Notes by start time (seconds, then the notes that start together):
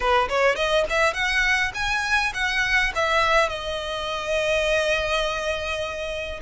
0.00 B4
0.29 C#5
0.55 D#5
0.89 E5
1.13 F#5
1.74 G#5
2.34 F#5
2.95 E5
3.49 D#5